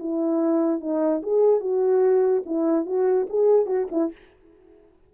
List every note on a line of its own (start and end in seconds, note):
0.00 0.81 E4
0.81 1.22 D#4
1.23 1.60 G#4
1.60 2.43 F#4
2.46 2.86 E4
2.86 3.27 F#4
3.30 3.67 G#4
3.67 3.87 F#4
3.92 4.12 E4